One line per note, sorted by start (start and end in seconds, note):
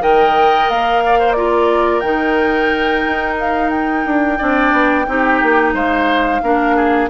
0.00 0.69 D#3
0.00 1.35 A#4
0.00 1.03 D#5
0.00 0.69 G5
0.69 2.02 A#3
0.69 1.32 F5
1.05 1.19 D5
1.19 1.36 C5
1.32 2.02 F4
1.32 4.38 A#4
1.32 2.00 D5
2.00 3.03 D#3
2.00 4.38 D#4
2.00 3.34 G5
3.06 4.05 D#4
3.39 3.69 F5
3.69 5.72 G5
4.05 4.39 D4
4.38 4.72 C4
4.38 5.06 D4
4.38 5.05 D5
4.72 5.06 B3
5.07 5.41 C4
5.07 6.41 D#4
5.07 5.74 G4
5.42 5.73 A#3
5.73 6.41 G#3
5.73 6.41 C5
5.73 7.09 F5
6.42 7.09 A#3
6.42 7.09 D4
6.42 6.76 A#4
6.76 7.09 G#4